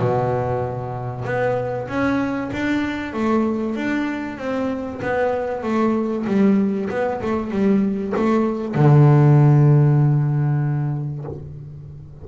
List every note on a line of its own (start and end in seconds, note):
0.00 1.25 B2
1.25 1.88 B3
1.88 2.51 C#4
2.53 3.14 D4
3.14 3.76 A3
3.76 4.38 D4
4.38 5.01 C4
5.02 5.63 B3
5.63 6.26 A3
6.27 6.89 G3
6.90 7.21 B3
7.22 7.51 A3
7.51 8.14 G3
8.17 8.75 A3
8.75 11.25 D3